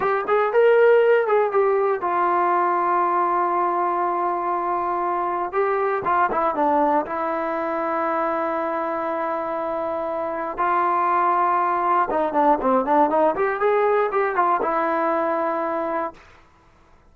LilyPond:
\new Staff \with { instrumentName = "trombone" } { \time 4/4 \tempo 4 = 119 g'8 gis'8 ais'4. gis'8 g'4 | f'1~ | f'2. g'4 | f'8 e'8 d'4 e'2~ |
e'1~ | e'4 f'2. | dis'8 d'8 c'8 d'8 dis'8 g'8 gis'4 | g'8 f'8 e'2. | }